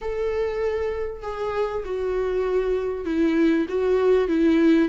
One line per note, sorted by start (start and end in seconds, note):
0.01 1.22 A4
1.22 1.83 G#4
1.85 3.05 F#4
3.05 3.66 E4
3.68 4.28 F#4
4.28 4.88 E4